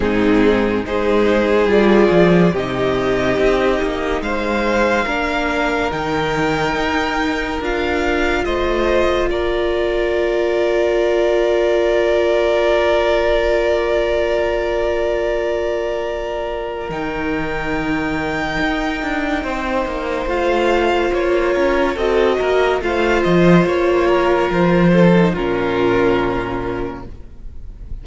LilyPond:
<<
  \new Staff \with { instrumentName = "violin" } { \time 4/4 \tempo 4 = 71 gis'4 c''4 d''4 dis''4~ | dis''4 f''2 g''4~ | g''4 f''4 dis''4 d''4~ | d''1~ |
d''1 | g''1 | f''4 cis''4 dis''4 f''8 dis''8 | cis''4 c''4 ais'2 | }
  \new Staff \with { instrumentName = "violin" } { \time 4/4 dis'4 gis'2 g'4~ | g'4 c''4 ais'2~ | ais'2 c''4 ais'4~ | ais'1~ |
ais'1~ | ais'2. c''4~ | c''4. ais'8 a'8 ais'8 c''4~ | c''8 ais'4 a'8 f'2 | }
  \new Staff \with { instrumentName = "viola" } { \time 4/4 c'4 dis'4 f'4 dis'4~ | dis'2 d'4 dis'4~ | dis'4 f'2.~ | f'1~ |
f'1 | dis'1 | f'2 fis'4 f'4~ | f'4.~ f'16 dis'16 cis'2 | }
  \new Staff \with { instrumentName = "cello" } { \time 4/4 gis,4 gis4 g8 f8 c4 | c'8 ais8 gis4 ais4 dis4 | dis'4 d'4 a4 ais4~ | ais1~ |
ais1 | dis2 dis'8 d'8 c'8 ais8 | a4 ais8 cis'8 c'8 ais8 a8 f8 | ais4 f4 ais,2 | }
>>